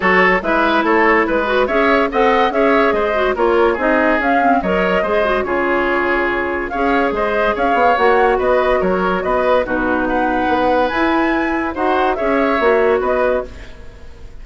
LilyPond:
<<
  \new Staff \with { instrumentName = "flute" } { \time 4/4 \tempo 4 = 143 cis''4 e''4 cis''4 b'4 | e''4 fis''4 e''4 dis''4 | cis''4 dis''4 f''4 dis''4~ | dis''4 cis''2. |
f''4 dis''4 f''4 fis''4 | dis''4 cis''4 dis''4 b'4 | fis''2 gis''2 | fis''4 e''2 dis''4 | }
  \new Staff \with { instrumentName = "oboe" } { \time 4/4 a'4 b'4 a'4 b'4 | cis''4 dis''4 cis''4 c''4 | ais'4 gis'2 cis''4 | c''4 gis'2. |
cis''4 c''4 cis''2 | b'4 ais'4 b'4 fis'4 | b'1 | c''4 cis''2 b'4 | }
  \new Staff \with { instrumentName = "clarinet" } { \time 4/4 fis'4 e'2~ e'8 fis'8 | gis'4 a'4 gis'4. fis'8 | f'4 dis'4 cis'8 c'8 ais'4 | gis'8 fis'8 f'2. |
gis'2. fis'4~ | fis'2. dis'4~ | dis'2 e'2 | fis'4 gis'4 fis'2 | }
  \new Staff \with { instrumentName = "bassoon" } { \time 4/4 fis4 gis4 a4 gis4 | cis'4 c'4 cis'4 gis4 | ais4 c'4 cis'4 fis4 | gis4 cis2. |
cis'4 gis4 cis'8 b8 ais4 | b4 fis4 b4 b,4~ | b,4 b4 e'2 | dis'4 cis'4 ais4 b4 | }
>>